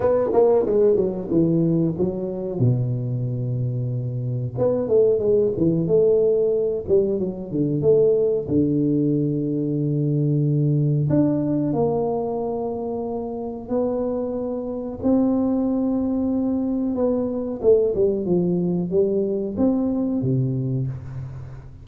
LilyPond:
\new Staff \with { instrumentName = "tuba" } { \time 4/4 \tempo 4 = 92 b8 ais8 gis8 fis8 e4 fis4 | b,2. b8 a8 | gis8 e8 a4. g8 fis8 d8 | a4 d2.~ |
d4 d'4 ais2~ | ais4 b2 c'4~ | c'2 b4 a8 g8 | f4 g4 c'4 c4 | }